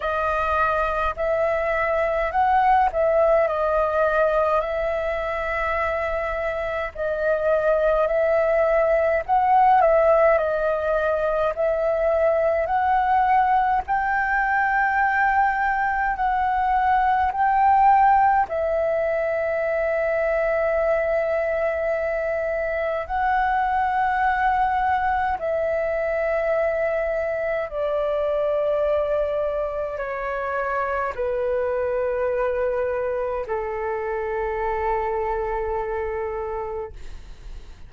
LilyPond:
\new Staff \with { instrumentName = "flute" } { \time 4/4 \tempo 4 = 52 dis''4 e''4 fis''8 e''8 dis''4 | e''2 dis''4 e''4 | fis''8 e''8 dis''4 e''4 fis''4 | g''2 fis''4 g''4 |
e''1 | fis''2 e''2 | d''2 cis''4 b'4~ | b'4 a'2. | }